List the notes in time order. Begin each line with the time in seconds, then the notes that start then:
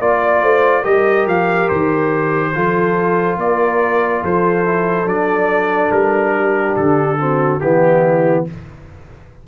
0.00 A#3 F4 D5
0.42 A3 C5
0.82 G3 G4 A#4 D#5
1.26 F3 F5
1.69 D#3 C5
2.55 F3 F4 A4
3.38 A#3 A#4 D5
4.22 F3 A4 C5
4.65 E4
5.06 F#3 D4 D5
5.91 G3 A#4
6.35 G4
6.76 D3 A4
7.18 C4 F#4
7.60 E3 B3 E4 G4